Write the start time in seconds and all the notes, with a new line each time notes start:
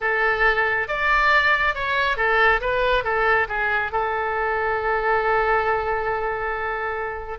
0.00 A4
0.88 D5
1.75 C#5
2.16 A4
2.61 B4
3.04 A4
3.48 G#4
3.92 A4